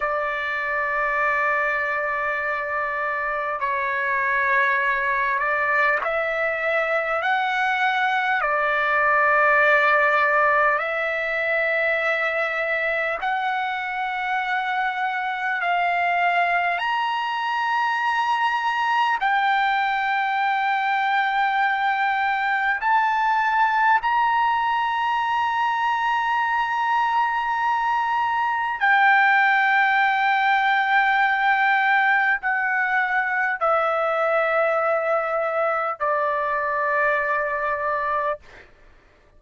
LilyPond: \new Staff \with { instrumentName = "trumpet" } { \time 4/4 \tempo 4 = 50 d''2. cis''4~ | cis''8 d''8 e''4 fis''4 d''4~ | d''4 e''2 fis''4~ | fis''4 f''4 ais''2 |
g''2. a''4 | ais''1 | g''2. fis''4 | e''2 d''2 | }